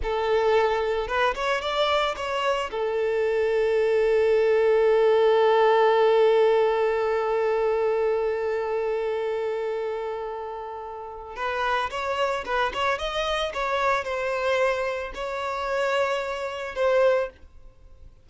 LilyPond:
\new Staff \with { instrumentName = "violin" } { \time 4/4 \tempo 4 = 111 a'2 b'8 cis''8 d''4 | cis''4 a'2.~ | a'1~ | a'1~ |
a'1~ | a'4 b'4 cis''4 b'8 cis''8 | dis''4 cis''4 c''2 | cis''2. c''4 | }